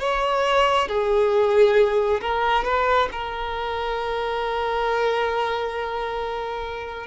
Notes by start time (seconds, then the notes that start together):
0.00 C#5
0.88 G#4
2.21 A#4
2.64 B4
3.12 A#4